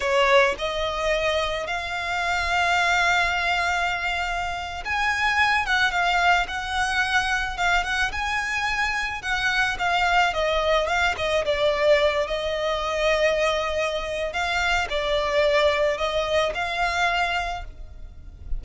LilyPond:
\new Staff \with { instrumentName = "violin" } { \time 4/4 \tempo 4 = 109 cis''4 dis''2 f''4~ | f''1~ | f''8. gis''4. fis''8 f''4 fis''16~ | fis''4.~ fis''16 f''8 fis''8 gis''4~ gis''16~ |
gis''8. fis''4 f''4 dis''4 f''16~ | f''16 dis''8 d''4. dis''4.~ dis''16~ | dis''2 f''4 d''4~ | d''4 dis''4 f''2 | }